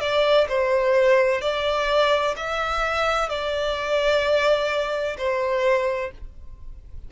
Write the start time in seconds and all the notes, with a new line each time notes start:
0.00 D5
0.49 C5
1.41 D5
2.37 E5
3.29 D5
5.17 C5